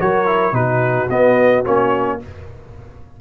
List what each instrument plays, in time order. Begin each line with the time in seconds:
0.00 tuba F#3, trombone F#4, horn A#4, trumpet C#5
0.26 trombone E4
0.52 tuba B2, trombone D#4, horn F#4, trumpet B4
1.10 tuba B3, trombone B3, trumpet D#5
1.65 tuba A#3, trombone C#4, trumpet C#5